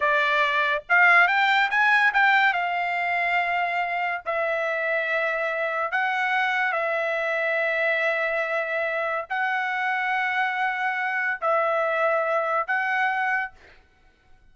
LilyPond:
\new Staff \with { instrumentName = "trumpet" } { \time 4/4 \tempo 4 = 142 d''2 f''4 g''4 | gis''4 g''4 f''2~ | f''2 e''2~ | e''2 fis''2 |
e''1~ | e''2 fis''2~ | fis''2. e''4~ | e''2 fis''2 | }